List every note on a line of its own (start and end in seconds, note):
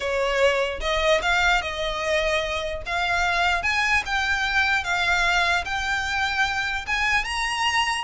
0.00 0.80 C#5
0.80 1.20 D#5
1.22 1.61 F5
1.61 2.82 D#5
2.85 3.62 F5
3.62 4.03 G#5
4.05 4.84 G5
4.84 5.64 F5
5.64 6.85 G5
6.86 7.24 G#5
7.24 8.04 A#5